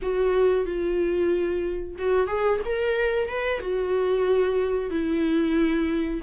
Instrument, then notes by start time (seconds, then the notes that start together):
viola
0.01 F#4
0.65 F4
1.98 F#4
2.27 G#4
2.65 A#4
3.28 B4
3.60 F#4
4.90 E4